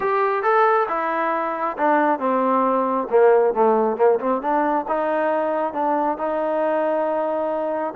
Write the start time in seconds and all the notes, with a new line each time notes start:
0.00 G4
0.42 A4
0.88 E4
1.77 D4
2.19 C4
3.10 A#3
3.54 A3
3.97 A#3
4.19 C4
4.41 D4
4.88 D#4
5.73 D4
6.17 D#4